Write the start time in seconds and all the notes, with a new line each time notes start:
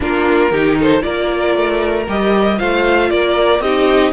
0.00 A#3 D4 F4 A#4
0.51 D#3 D#4 G4
0.78 A4 C5
1.01 A#3 F4 A#4 D5
1.55 A3
2.08 G3 G4 D#5
2.57 A3 F4 C5 F5
3.10 A#3 A#4 D5
3.59 C4 D#4 G4 D#5